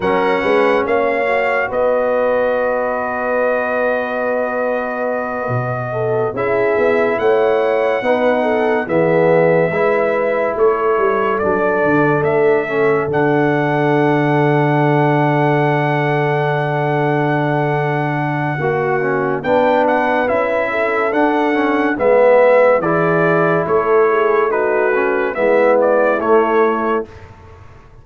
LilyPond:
<<
  \new Staff \with { instrumentName = "trumpet" } { \time 4/4 \tempo 4 = 71 fis''4 f''4 dis''2~ | dis''2.~ dis''8 e''8~ | e''8 fis''2 e''4.~ | e''8 cis''4 d''4 e''4 fis''8~ |
fis''1~ | fis''2. g''8 fis''8 | e''4 fis''4 e''4 d''4 | cis''4 b'4 e''8 d''8 cis''4 | }
  \new Staff \with { instrumentName = "horn" } { \time 4/4 ais'8 b'8 cis''4 b'2~ | b'2. a'8 gis'8~ | gis'8 cis''4 b'8 a'8 gis'4 b'8~ | b'8 a'2.~ a'8~ |
a'1~ | a'2 fis'4 b'4~ | b'8 a'4. b'4 gis'4 | a'8 gis'8 fis'4 e'2 | }
  \new Staff \with { instrumentName = "trombone" } { \time 4/4 cis'4. fis'2~ fis'8~ | fis'2.~ fis'8 e'8~ | e'4. dis'4 b4 e'8~ | e'4. d'4. cis'8 d'8~ |
d'1~ | d'2 fis'8 cis'8 d'4 | e'4 d'8 cis'8 b4 e'4~ | e'4 dis'8 cis'8 b4 a4 | }
  \new Staff \with { instrumentName = "tuba" } { \time 4/4 fis8 gis8 ais4 b2~ | b2~ b8 b,4 cis'8 | b8 a4 b4 e4 gis8~ | gis8 a8 g8 fis8 d8 a4 d8~ |
d1~ | d2 ais4 b4 | cis'4 d'4 gis4 e4 | a2 gis4 a4 | }
>>